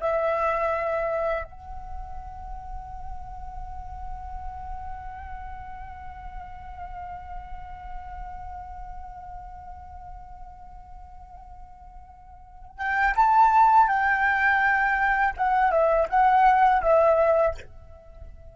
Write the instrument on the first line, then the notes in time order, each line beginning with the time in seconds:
flute
0.00 E5
1.44 F#5
12.77 G5
13.16 A5
13.88 G5
15.37 F#5
15.71 E5
16.09 F#5
16.82 E5